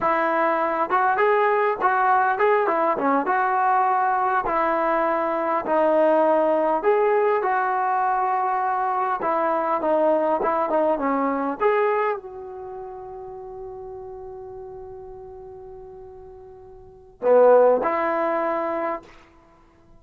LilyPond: \new Staff \with { instrumentName = "trombone" } { \time 4/4 \tempo 4 = 101 e'4. fis'8 gis'4 fis'4 | gis'8 e'8 cis'8 fis'2 e'8~ | e'4. dis'2 gis'8~ | gis'8 fis'2. e'8~ |
e'8 dis'4 e'8 dis'8 cis'4 gis'8~ | gis'8 fis'2.~ fis'8~ | fis'1~ | fis'4 b4 e'2 | }